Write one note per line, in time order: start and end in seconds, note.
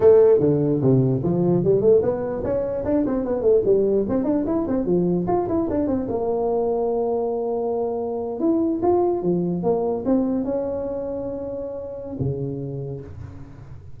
0.00 0.39 A3
0.39 0.80 D3
0.81 1.22 C3
1.23 1.63 F3
1.64 1.81 G3
1.81 2.01 A3
2.02 2.43 B3
2.43 2.84 C#4
2.85 3.05 D4
3.06 3.25 C4
3.25 3.41 B3
3.41 3.61 A3
3.65 4.05 G3
4.08 4.24 C4
4.24 4.44 D4
4.46 4.66 E4
4.67 4.85 C4
4.85 5.26 F3
5.27 5.47 F4
5.48 5.68 E4
5.70 5.87 D4
5.87 6.07 C4
6.08 8.40 A#3
8.40 8.80 E4
8.82 9.22 F4
9.22 9.63 F3
9.63 10.03 A#3
10.05 10.44 C4
10.44 12.16 C#4
12.19 13.00 C#3